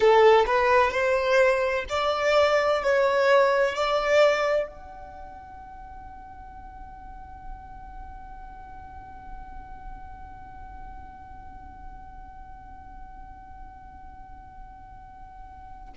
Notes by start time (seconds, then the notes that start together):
0.00 A4
0.46 B4
0.91 C5
1.89 D5
2.83 C#5
3.75 D5
4.67 F#5